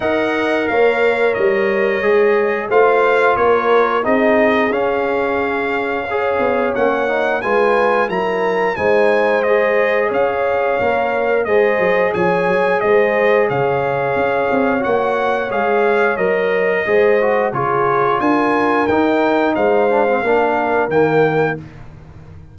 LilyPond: <<
  \new Staff \with { instrumentName = "trumpet" } { \time 4/4 \tempo 4 = 89 fis''4 f''4 dis''2 | f''4 cis''4 dis''4 f''4~ | f''2 fis''4 gis''4 | ais''4 gis''4 dis''4 f''4~ |
f''4 dis''4 gis''4 dis''4 | f''2 fis''4 f''4 | dis''2 cis''4 gis''4 | g''4 f''2 g''4 | }
  \new Staff \with { instrumentName = "horn" } { \time 4/4 dis''4 cis''2. | c''4 ais'4 gis'2~ | gis'4 cis''2 b'4 | ais'4 c''2 cis''4~ |
cis''4 c''4 cis''4 c''4 | cis''1~ | cis''4 c''4 gis'4 ais'4~ | ais'4 c''4 ais'2 | }
  \new Staff \with { instrumentName = "trombone" } { \time 4/4 ais'2. gis'4 | f'2 dis'4 cis'4~ | cis'4 gis'4 cis'8 dis'8 f'4 | e'4 dis'4 gis'2 |
ais'4 gis'2.~ | gis'2 fis'4 gis'4 | ais'4 gis'8 fis'8 f'2 | dis'4. d'16 c'16 d'4 ais4 | }
  \new Staff \with { instrumentName = "tuba" } { \time 4/4 dis'4 ais4 g4 gis4 | a4 ais4 c'4 cis'4~ | cis'4. b8 ais4 gis4 | fis4 gis2 cis'4 |
ais4 gis8 fis8 f8 fis8 gis4 | cis4 cis'8 c'8 ais4 gis4 | fis4 gis4 cis4 d'4 | dis'4 gis4 ais4 dis4 | }
>>